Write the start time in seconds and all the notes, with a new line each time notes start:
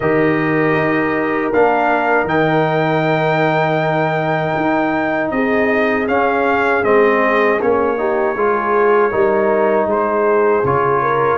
0.00 D#3 G4 A#4 D#5
0.74 D#4
1.53 A#3 D4 F5
2.24 D#3 D#4 G5
4.56 D#4
5.30 C4 G#4 D#5
6.07 C#4 F5
6.83 G#3 C4 D#5
7.61 A#3 C#4 C#5
7.97 D#4 G4
8.35 G#3 F4 G#4
9.10 G3 D#4 A#4
9.85 G#3 G#4 C5
10.64 C#3 F4 C#5
11.01 A#4